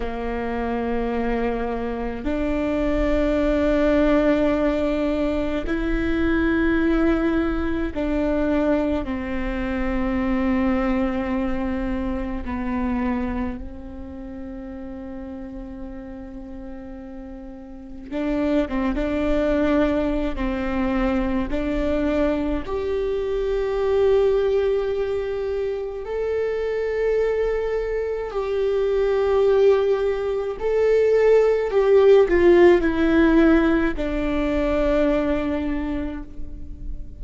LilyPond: \new Staff \with { instrumentName = "viola" } { \time 4/4 \tempo 4 = 53 ais2 d'2~ | d'4 e'2 d'4 | c'2. b4 | c'1 |
d'8 c'16 d'4~ d'16 c'4 d'4 | g'2. a'4~ | a'4 g'2 a'4 | g'8 f'8 e'4 d'2 | }